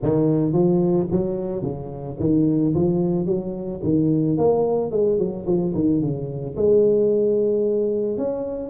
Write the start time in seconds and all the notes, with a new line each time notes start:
0.02 D#3
0.52 F3
1.11 F#3
1.62 C#3
2.19 D#3
2.74 F3
3.26 F#3
3.83 D#3
4.37 A#3
4.91 G#3
5.18 F#3
5.46 F3
5.74 D#3
6.01 C#3
6.56 G#3
8.17 C#4